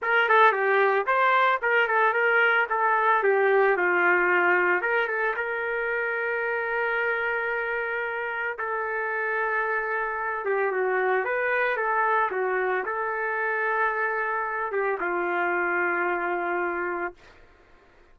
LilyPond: \new Staff \with { instrumentName = "trumpet" } { \time 4/4 \tempo 4 = 112 ais'8 a'8 g'4 c''4 ais'8 a'8 | ais'4 a'4 g'4 f'4~ | f'4 ais'8 a'8 ais'2~ | ais'1 |
a'2.~ a'8 g'8 | fis'4 b'4 a'4 fis'4 | a'2.~ a'8 g'8 | f'1 | }